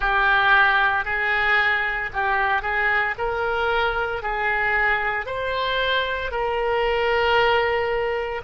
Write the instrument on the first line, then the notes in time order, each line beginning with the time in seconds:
oboe
0.00 G4
1.04 G#4
2.13 G4
2.62 G#4
3.18 A#4
4.22 G#4
5.25 C5
6.31 A#4